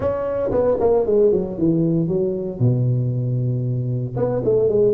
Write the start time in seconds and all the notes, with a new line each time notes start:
0.00 C#4
0.51 B3
0.80 A#3
1.06 G#3
1.32 F#3
1.57 E3
2.08 F#3
2.59 B2
4.16 B3
4.44 A3
4.68 G#3